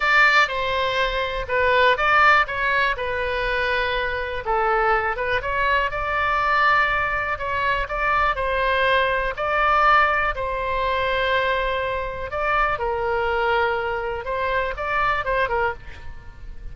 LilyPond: \new Staff \with { instrumentName = "oboe" } { \time 4/4 \tempo 4 = 122 d''4 c''2 b'4 | d''4 cis''4 b'2~ | b'4 a'4. b'8 cis''4 | d''2. cis''4 |
d''4 c''2 d''4~ | d''4 c''2.~ | c''4 d''4 ais'2~ | ais'4 c''4 d''4 c''8 ais'8 | }